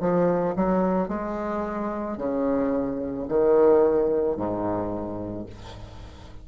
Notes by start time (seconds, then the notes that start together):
0.00 F3
0.55 F#3
1.08 G#3
2.17 C#3
3.28 D#3
4.36 G#2